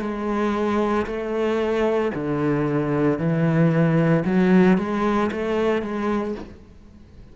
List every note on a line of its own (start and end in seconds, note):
0.00 1.05 G#3
1.06 2.11 A3
2.14 3.19 D3
3.19 4.24 E3
4.25 4.77 F#3
4.77 5.30 G#3
5.32 5.82 A3
5.82 6.34 G#3